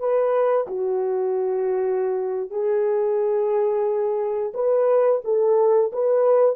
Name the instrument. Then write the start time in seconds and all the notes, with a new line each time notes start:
horn
0.00 B4
0.68 F#4
2.51 G#4
4.54 B4
5.25 A4
5.93 B4